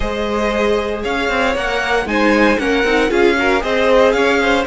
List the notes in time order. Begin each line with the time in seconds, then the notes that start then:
0.00 G#3 G#4 C5 D#5
1.03 C#4 C#5 F5
1.29 C4
1.55 A#3 A#4 F#5
2.06 G#3 D#4 C5 G#5
2.58 A#3 C#4 A#4 F#5
2.84 C4 D#4
3.09 C#4 F4 G#4 F5
3.38 F#4 A#4
3.59 C4 G#4 C5 D#5
4.12 C#4 C#5 F5
4.41 C5